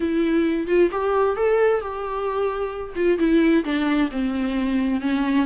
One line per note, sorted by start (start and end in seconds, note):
0.00 0.67 E4
0.67 0.90 F4
0.91 1.36 G4
1.36 1.80 A4
1.80 2.94 G4
2.95 3.18 F4
3.18 3.64 E4
3.64 4.10 D4
4.11 5.01 C4
5.01 5.45 C#4